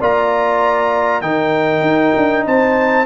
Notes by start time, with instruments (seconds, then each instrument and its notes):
0.00 tuba A#3, trombone F4, horn D5, trumpet A#5
1.21 tuba D#3, trombone D#4, horn A#4, trumpet G5
1.81 tuba D#4
2.16 tuba D4
2.45 tuba C4, horn C5, trumpet A5